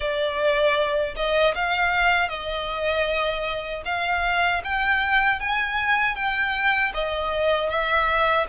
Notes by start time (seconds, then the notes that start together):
0.00 D5
1.16 D#5
1.55 F5
2.29 D#5
3.85 F5
4.64 G5
5.40 G#5
6.15 G5
6.93 D#5
7.69 E5